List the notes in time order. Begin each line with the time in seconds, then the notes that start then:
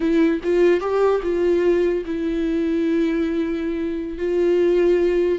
0.00 E4
0.43 F4
0.80 G4
1.22 F4
2.05 E4
4.18 F4